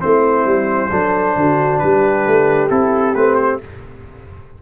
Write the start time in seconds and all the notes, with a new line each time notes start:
0.00 A3 C4 E4 C5
0.45 G3
0.90 F#3 D4 A4
1.35 D3 F#4
1.78 G3 G4 B4
2.26 A3
2.69 C4 E4 A4
3.14 A3 C4 B4
3.35 C5